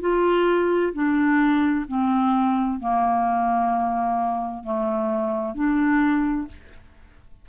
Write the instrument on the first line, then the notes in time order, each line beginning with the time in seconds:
clarinet
0.00 F4
0.93 D4
1.88 C4
2.79 A#3
4.63 A3
5.55 D4